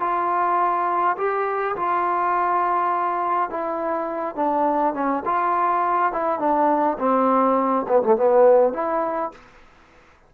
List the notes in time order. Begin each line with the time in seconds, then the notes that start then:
0.00 F4
1.17 G4
1.76 F4
3.50 E4
4.36 D4
4.94 C#4
5.25 F4
6.12 E4
6.39 D4
6.98 C4
7.88 B3
8.03 A3
8.16 B3
8.73 E4